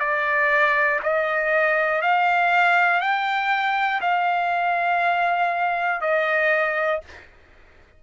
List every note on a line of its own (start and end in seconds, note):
0.00 1.00 D5
1.03 2.02 D#5
2.02 3.01 F5
3.01 4.01 G5
4.02 6.02 F5
6.02 7.02 D#5